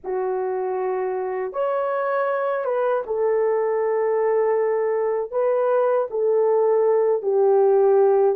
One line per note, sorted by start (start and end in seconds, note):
0.04 1.52 F#4
1.52 2.64 C#5
2.64 3.02 B4
3.06 5.31 A4
5.31 6.07 B4
6.10 7.22 A4
7.22 8.35 G4